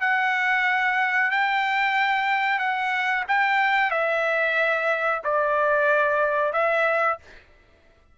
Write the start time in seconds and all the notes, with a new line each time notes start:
0.00 F#5
1.31 G5
2.59 F#5
3.28 G5
3.91 E5
5.24 D5
6.53 E5